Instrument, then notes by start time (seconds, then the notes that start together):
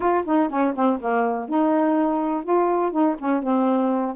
saxophone
0.00 F4
0.25 D#4
0.49 C#4
0.75 C4
1.00 A#3
1.48 D#4
2.43 F4
2.91 D#4
3.19 C#4
3.42 C4